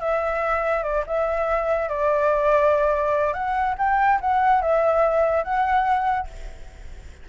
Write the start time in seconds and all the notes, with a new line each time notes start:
0.00 E5
0.83 D5
1.06 E5
1.89 D5
3.33 F#5
3.78 G5
4.21 F#5
4.62 E5
5.43 F#5